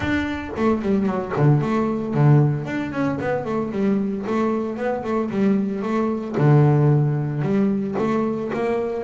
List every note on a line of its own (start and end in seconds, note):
0.00 0.50 D4
0.56 0.82 A3
0.82 1.05 G3
1.05 1.32 F#3
1.36 1.61 D3
1.61 2.14 A3
2.14 2.65 D3
2.65 2.92 D4
2.92 3.18 C#4
3.21 3.44 B3
3.44 3.71 A3
3.71 4.24 G3
4.26 4.76 A3
4.76 5.03 B3
5.03 5.30 A3
5.30 5.82 G3
5.82 6.35 A3
6.37 7.42 D3
7.42 7.95 G3
7.98 8.51 A3
8.53 9.04 A#3